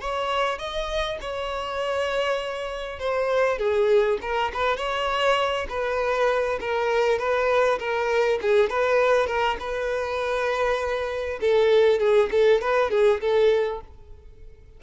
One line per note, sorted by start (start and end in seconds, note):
0.00 0.58 C#5
0.58 1.18 D#5
1.20 2.99 C#5
2.99 3.58 C5
3.58 4.18 G#4
4.21 4.51 A#4
4.53 4.76 B4
4.76 5.66 C#5
5.69 6.59 B4
6.60 7.18 A#4
7.18 7.78 B4
7.79 8.39 A#4
8.41 8.69 G#4
8.69 9.26 B4
9.26 9.56 A#4
9.59 11.39 B4
11.40 11.99 A4
11.99 12.29 G#4
12.31 12.61 A4
12.61 12.90 B4
12.90 13.20 G#4
13.20 13.80 A4